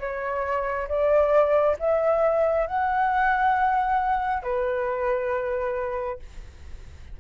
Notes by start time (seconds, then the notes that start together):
0.00 C#5
0.89 D5
1.79 E5
2.67 F#5
4.43 B4